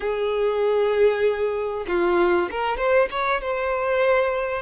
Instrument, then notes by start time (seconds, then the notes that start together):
violin
0.00 G#4
1.87 F4
2.50 A#4
2.77 C5
3.10 C#5
3.41 C5